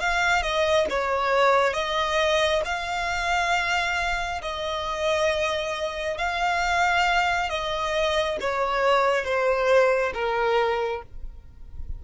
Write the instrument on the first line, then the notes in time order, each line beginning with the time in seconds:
violin
0.00 F5
0.42 D#5
0.90 C#5
1.74 D#5
2.65 F5
4.42 D#5
6.18 F5
7.49 D#5
8.41 C#5
9.24 C5
10.14 A#4